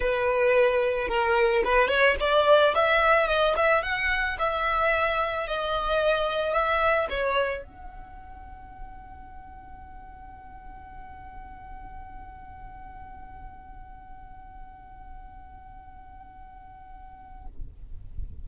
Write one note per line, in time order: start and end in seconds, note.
0.00 1.08 B4
1.08 1.62 A#4
1.64 1.88 B4
1.88 2.15 C#5
2.19 2.74 D5
2.74 3.27 E5
3.27 3.54 D#5
3.56 3.82 E5
3.82 4.37 F#5
4.38 5.47 E5
5.47 6.53 D#5
6.53 7.07 E5
7.09 7.64 C#5
7.64 17.45 F#5